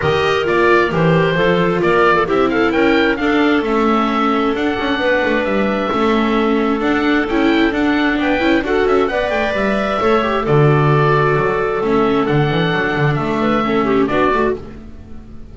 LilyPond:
<<
  \new Staff \with { instrumentName = "oboe" } { \time 4/4 \tempo 4 = 132 dis''4 d''4 c''2 | d''4 e''8 f''8 g''4 f''4 | e''2 fis''2 | e''2. fis''4 |
g''4 fis''4 g''4 fis''8 e''8 | fis''8 g''8 e''2 d''4~ | d''2 e''4 fis''4~ | fis''4 e''2 d''4 | }
  \new Staff \with { instrumentName = "clarinet" } { \time 4/4 ais'2. a'4 | ais'8. a'16 g'8 a'8 ais'4 a'4~ | a'2. b'4~ | b'4 a'2.~ |
a'2 b'4 a'4 | d''2 cis''4 a'4~ | a'1~ | a'4. b'8 a'8 g'8 fis'4 | }
  \new Staff \with { instrumentName = "viola" } { \time 4/4 g'4 f'4 g'4 f'4~ | f'4 e'2 d'4 | cis'2 d'2~ | d'4 cis'2 d'4 |
e'4 d'4. e'8 fis'4 | b'2 a'8 g'8 fis'4~ | fis'2 cis'4 d'4~ | d'2 cis'4 d'8 fis'8 | }
  \new Staff \with { instrumentName = "double bass" } { \time 4/4 dis4 ais4 e4 f4 | ais4 c'4 cis'4 d'4 | a2 d'8 cis'8 b8 a8 | g4 a2 d'4 |
cis'4 d'4 b8 cis'8 d'8 cis'8 | b8 a8 g4 a4 d4~ | d4 fis4 a4 d8 e8 | fis8 d8 a2 b8 a8 | }
>>